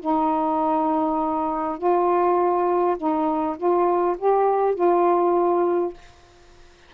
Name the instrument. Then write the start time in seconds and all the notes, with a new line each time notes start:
saxophone
0.00 D#4
1.78 F4
2.97 D#4
3.57 F4
4.18 G4
4.75 F4